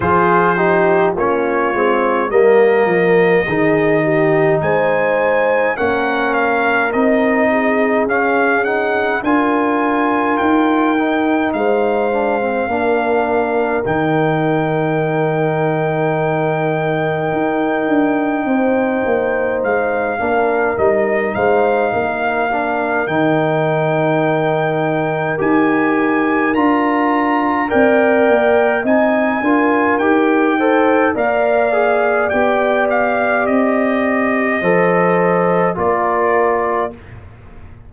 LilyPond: <<
  \new Staff \with { instrumentName = "trumpet" } { \time 4/4 \tempo 4 = 52 c''4 cis''4 dis''2 | gis''4 fis''8 f''8 dis''4 f''8 fis''8 | gis''4 g''4 f''2 | g''1~ |
g''4 f''4 dis''8 f''4. | g''2 gis''4 ais''4 | g''4 gis''4 g''4 f''4 | g''8 f''8 dis''2 d''4 | }
  \new Staff \with { instrumentName = "horn" } { \time 4/4 gis'8 g'8 f'4 ais'4 gis'8 g'8 | c''4 ais'4. gis'4. | ais'2 c''4 ais'4~ | ais'1 |
c''4. ais'4 c''8 ais'4~ | ais'1 | d''4 dis''8 ais'4 c''8 d''4~ | d''2 c''4 ais'4 | }
  \new Staff \with { instrumentName = "trombone" } { \time 4/4 f'8 dis'8 cis'8 c'8 ais4 dis'4~ | dis'4 cis'4 dis'4 cis'8 dis'8 | f'4. dis'4 d'16 c'16 d'4 | dis'1~ |
dis'4. d'8 dis'4. d'8 | dis'2 g'4 f'4 | ais'4 dis'8 f'8 g'8 a'8 ais'8 gis'8 | g'2 a'4 f'4 | }
  \new Staff \with { instrumentName = "tuba" } { \time 4/4 f4 ais8 gis8 g8 f8 dis4 | gis4 ais4 c'4 cis'4 | d'4 dis'4 gis4 ais4 | dis2. dis'8 d'8 |
c'8 ais8 gis8 ais8 g8 gis8 ais4 | dis2 dis'4 d'4 | c'8 ais8 c'8 d'8 dis'4 ais4 | b4 c'4 f4 ais4 | }
>>